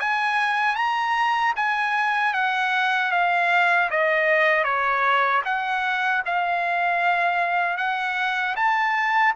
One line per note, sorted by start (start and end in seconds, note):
0.00 0.75 G#5
0.75 1.53 A#5
1.56 2.34 G#5
2.34 3.12 F#5
3.12 3.90 F5
3.90 4.64 D#5
4.64 5.42 C#5
5.45 6.23 F#5
6.26 7.77 F5
7.77 8.55 F#5
8.56 9.34 A5